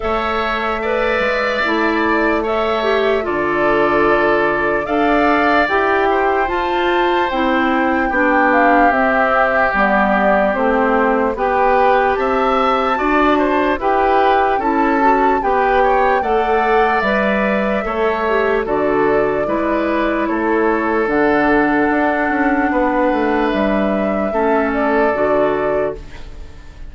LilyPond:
<<
  \new Staff \with { instrumentName = "flute" } { \time 4/4 \tempo 4 = 74 e''2~ e''8 d''8 e''4 | d''2 f''4 g''4 | a''4 g''4. f''8 e''4 | d''4 c''4 g''4 a''4~ |
a''4 g''4 a''4 g''4 | fis''4 e''2 d''4~ | d''4 cis''4 fis''2~ | fis''4 e''4. d''4. | }
  \new Staff \with { instrumentName = "oboe" } { \time 4/4 cis''4 d''2 cis''4 | a'2 d''4. c''8~ | c''2 g'2~ | g'2 b'4 e''4 |
d''8 c''8 b'4 a'4 b'8 cis''8 | d''2 cis''4 a'4 | b'4 a'2. | b'2 a'2 | }
  \new Staff \with { instrumentName = "clarinet" } { \time 4/4 a'4 b'4 e'4 a'8 g'8 | f'2 a'4 g'4 | f'4 e'4 d'4 c'4 | b4 c'4 g'2 |
fis'4 g'4 e'8 fis'8 g'4 | a'4 b'4 a'8 g'8 fis'4 | e'2 d'2~ | d'2 cis'4 fis'4 | }
  \new Staff \with { instrumentName = "bassoon" } { \time 4/4 a4. gis8 a2 | d2 d'4 e'4 | f'4 c'4 b4 c'4 | g4 a4 b4 c'4 |
d'4 e'4 cis'4 b4 | a4 g4 a4 d4 | gis4 a4 d4 d'8 cis'8 | b8 a8 g4 a4 d4 | }
>>